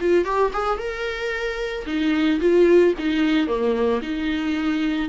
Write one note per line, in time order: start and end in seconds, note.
0.00 0.25 F4
0.25 0.51 G4
0.53 0.78 G#4
0.78 1.86 A#4
1.86 2.40 D#4
2.40 2.94 F4
2.99 3.47 D#4
3.47 4.01 A#3
4.02 5.09 D#4